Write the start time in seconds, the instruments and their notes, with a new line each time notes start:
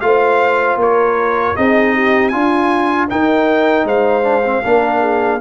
0.00 tuba A3, trombone F4, horn C5, trumpet F5
0.76 tuba A#3, horn A#4, trumpet C#5
1.56 tuba C4, trombone D#4, horn G#4, trumpet D#5
1.94 horn G4
2.29 tuba D4, horn F4, trombone F4, trumpet G#5
3.10 trombone D#4, tuba D#4, horn A#4, trumpet G5
3.84 tuba G#3, horn C5, trumpet F5
4.23 trombone D4
4.44 trombone C4
4.64 tuba A#3, trombone D4, horn A#4
5.01 horn G#4